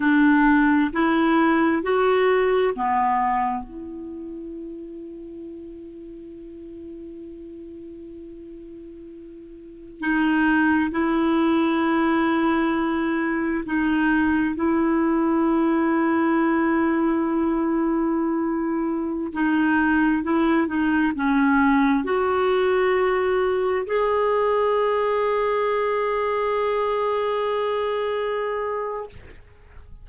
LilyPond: \new Staff \with { instrumentName = "clarinet" } { \time 4/4 \tempo 4 = 66 d'4 e'4 fis'4 b4 | e'1~ | e'2. dis'4 | e'2. dis'4 |
e'1~ | e'4~ e'16 dis'4 e'8 dis'8 cis'8.~ | cis'16 fis'2 gis'4.~ gis'16~ | gis'1 | }